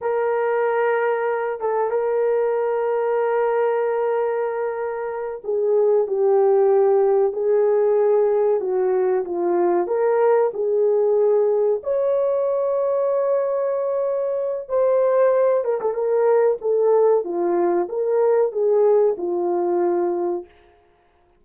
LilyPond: \new Staff \with { instrumentName = "horn" } { \time 4/4 \tempo 4 = 94 ais'2~ ais'8 a'8 ais'4~ | ais'1~ | ais'8 gis'4 g'2 gis'8~ | gis'4. fis'4 f'4 ais'8~ |
ais'8 gis'2 cis''4.~ | cis''2. c''4~ | c''8 ais'16 a'16 ais'4 a'4 f'4 | ais'4 gis'4 f'2 | }